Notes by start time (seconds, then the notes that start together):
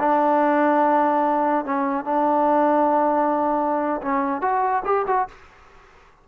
0.00 D4
1.66 C#4
2.05 D4
4.02 C#4
4.42 F#4
4.86 G4
5.07 F#4